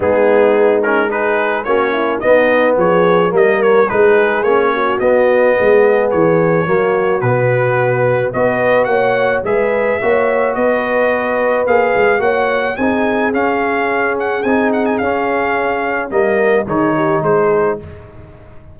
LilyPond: <<
  \new Staff \with { instrumentName = "trumpet" } { \time 4/4 \tempo 4 = 108 gis'4. ais'8 b'4 cis''4 | dis''4 cis''4 dis''8 cis''8 b'4 | cis''4 dis''2 cis''4~ | cis''4 b'2 dis''4 |
fis''4 e''2 dis''4~ | dis''4 f''4 fis''4 gis''4 | f''4. fis''8 gis''8 fis''16 gis''16 f''4~ | f''4 dis''4 cis''4 c''4 | }
  \new Staff \with { instrumentName = "horn" } { \time 4/4 dis'2 gis'4 fis'8 e'8 | dis'4 gis'4 ais'4 gis'4~ | gis'8 fis'4. gis'2 | fis'2. b'4 |
cis''4 b'4 cis''4 b'4~ | b'2 cis''4 gis'4~ | gis'1~ | gis'4 ais'4 gis'8 g'8 gis'4 | }
  \new Staff \with { instrumentName = "trombone" } { \time 4/4 b4. cis'8 dis'4 cis'4 | b2 ais4 dis'4 | cis'4 b2. | ais4 b2 fis'4~ |
fis'4 gis'4 fis'2~ | fis'4 gis'4 fis'4 dis'4 | cis'2 dis'4 cis'4~ | cis'4 ais4 dis'2 | }
  \new Staff \with { instrumentName = "tuba" } { \time 4/4 gis2. ais4 | b4 f4 g4 gis4 | ais4 b4 gis4 e4 | fis4 b,2 b4 |
ais4 gis4 ais4 b4~ | b4 ais8 gis8 ais4 c'4 | cis'2 c'4 cis'4~ | cis'4 g4 dis4 gis4 | }
>>